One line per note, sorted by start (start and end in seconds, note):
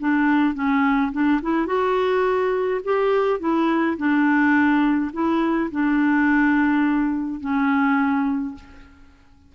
0.00 0.55 D4
0.55 1.12 C#4
1.12 1.41 D4
1.42 1.67 E4
1.67 2.81 F#4
2.84 3.40 G4
3.40 3.97 E4
3.97 5.12 D4
5.13 5.70 E4
5.71 7.41 D4
7.41 8.55 C#4